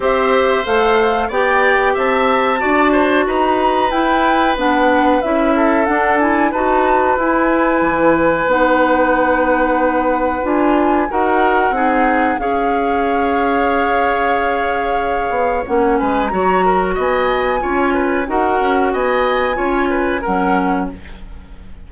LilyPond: <<
  \new Staff \with { instrumentName = "flute" } { \time 4/4 \tempo 4 = 92 e''4 f''4 g''4 a''4~ | a''4 ais''4 g''4 fis''4 | e''4 fis''8 gis''8 a''4 gis''4~ | gis''4 fis''2. |
gis''4 fis''2 f''4~ | f''1 | fis''8 gis''8 ais''4 gis''2 | fis''4 gis''2 fis''4 | }
  \new Staff \with { instrumentName = "oboe" } { \time 4/4 c''2 d''4 e''4 | d''8 c''8 b'2.~ | b'8 a'4. b'2~ | b'1~ |
b'4 ais'4 gis'4 cis''4~ | cis''1~ | cis''8 b'8 cis''8 ais'8 dis''4 cis''8 b'8 | ais'4 dis''4 cis''8 b'8 ais'4 | }
  \new Staff \with { instrumentName = "clarinet" } { \time 4/4 g'4 a'4 g'2 | fis'2 e'4 d'4 | e'4 d'8 e'8 fis'4 e'4~ | e'4 dis'2. |
f'4 fis'4 dis'4 gis'4~ | gis'1 | cis'4 fis'2 f'4 | fis'2 f'4 cis'4 | }
  \new Staff \with { instrumentName = "bassoon" } { \time 4/4 c'4 a4 b4 c'4 | d'4 dis'4 e'4 b4 | cis'4 d'4 dis'4 e'4 | e4 b2. |
d'4 dis'4 c'4 cis'4~ | cis'2.~ cis'8 b8 | ais8 gis8 fis4 b4 cis'4 | dis'8 cis'8 b4 cis'4 fis4 | }
>>